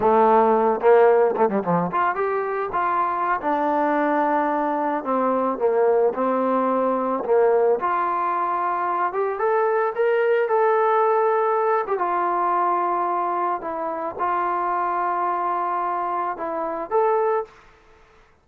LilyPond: \new Staff \with { instrumentName = "trombone" } { \time 4/4 \tempo 4 = 110 a4. ais4 a16 g16 f8 f'8 | g'4 f'4~ f'16 d'4.~ d'16~ | d'4~ d'16 c'4 ais4 c'8.~ | c'4~ c'16 ais4 f'4.~ f'16~ |
f'8. g'8 a'4 ais'4 a'8.~ | a'4.~ a'16 g'16 f'2~ | f'4 e'4 f'2~ | f'2 e'4 a'4 | }